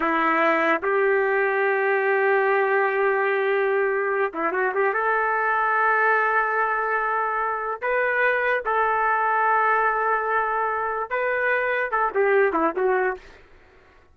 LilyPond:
\new Staff \with { instrumentName = "trumpet" } { \time 4/4 \tempo 4 = 146 e'2 g'2~ | g'1~ | g'2~ g'8 e'8 fis'8 g'8 | a'1~ |
a'2. b'4~ | b'4 a'2.~ | a'2. b'4~ | b'4 a'8 g'4 e'8 fis'4 | }